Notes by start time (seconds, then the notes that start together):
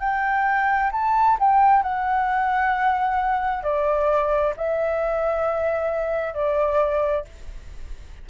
0.00 G5
0.93 A5
1.40 G5
1.83 F#5
3.63 D5
4.57 E5
6.34 D5